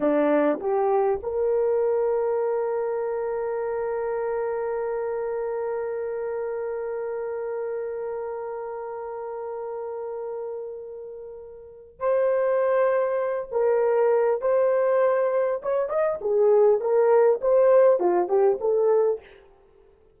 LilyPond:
\new Staff \with { instrumentName = "horn" } { \time 4/4 \tempo 4 = 100 d'4 g'4 ais'2~ | ais'1~ | ais'1~ | ais'1~ |
ais'1 | c''2~ c''8 ais'4. | c''2 cis''8 dis''8 gis'4 | ais'4 c''4 f'8 g'8 a'4 | }